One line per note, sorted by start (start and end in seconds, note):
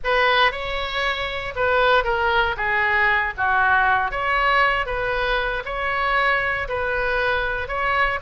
0.03 0.51 B4
0.51 1.54 C#5
1.55 2.04 B4
2.04 2.55 A#4
2.56 3.33 G#4
3.37 4.11 F#4
4.11 4.86 C#5
4.86 5.63 B4
5.65 6.67 C#5
6.68 7.68 B4
7.68 8.19 C#5